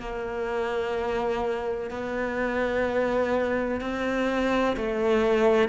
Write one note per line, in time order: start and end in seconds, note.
0.00 1.90 A#3
1.90 3.81 B3
3.81 4.76 C4
4.76 5.69 A3